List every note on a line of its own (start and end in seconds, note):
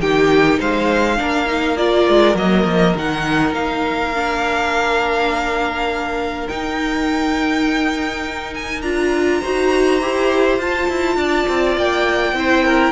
0.00 0.59 D#3
0.00 1.17 D#4
0.00 0.59 G4
0.00 0.59 G5
0.59 1.19 G#3
0.59 1.18 C5
0.59 1.76 F5
1.17 2.08 A#3
1.17 1.46 D4
1.17 9.40 A#4
1.46 1.75 D#4
1.76 2.36 F4
1.76 2.35 D5
2.08 2.35 G#3
2.35 2.64 F#3
2.35 2.94 A#3
2.35 2.96 D#5
2.64 2.94 F3
2.95 3.54 D#3
2.95 4.13 D#4
2.95 3.54 F#5
3.54 6.48 A#3
3.54 6.48 F5
4.14 6.49 D4
6.48 8.83 D#4
6.48 8.82 D#4
6.48 8.54 G5
8.54 8.81 G#5
8.81 9.41 D4
8.81 9.42 F4
8.81 10.58 A#5
9.40 10.01 D#4
9.40 10.01 F#4
9.40 11.16 C5
10.01 10.58 E4
10.01 10.60 G4
10.58 10.88 F4
10.58 12.35 F4
10.58 11.78 A5
10.89 11.16 E4
11.16 11.45 D4
11.16 12.34 D5
11.48 11.76 C4
11.76 12.33 A#3
11.76 12.92 G5
12.33 12.92 C4
12.33 12.92 E4
12.33 12.65 C5
12.65 12.92 A#4